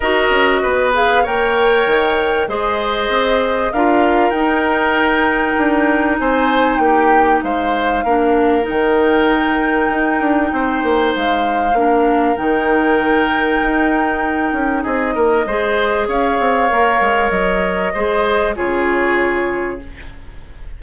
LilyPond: <<
  \new Staff \with { instrumentName = "flute" } { \time 4/4 \tempo 4 = 97 dis''4. f''8 g''2 | dis''2 f''4 g''4~ | g''2 gis''4 g''4 | f''2 g''2~ |
g''2 f''2 | g''1 | dis''2 f''2 | dis''2 cis''2 | }
  \new Staff \with { instrumentName = "oboe" } { \time 4/4 ais'4 b'4 cis''2 | c''2 ais'2~ | ais'2 c''4 g'4 | c''4 ais'2.~ |
ais'4 c''2 ais'4~ | ais'1 | gis'8 ais'8 c''4 cis''2~ | cis''4 c''4 gis'2 | }
  \new Staff \with { instrumentName = "clarinet" } { \time 4/4 fis'4. gis'8 ais'2 | gis'2 f'4 dis'4~ | dis'1~ | dis'4 d'4 dis'2~ |
dis'2. d'4 | dis'1~ | dis'4 gis'2 ais'4~ | ais'4 gis'4 f'2 | }
  \new Staff \with { instrumentName = "bassoon" } { \time 4/4 dis'8 cis'8 b4 ais4 dis4 | gis4 c'4 d'4 dis'4~ | dis'4 d'4 c'4 ais4 | gis4 ais4 dis2 |
dis'8 d'8 c'8 ais8 gis4 ais4 | dis2 dis'4. cis'8 | c'8 ais8 gis4 cis'8 c'8 ais8 gis8 | fis4 gis4 cis2 | }
>>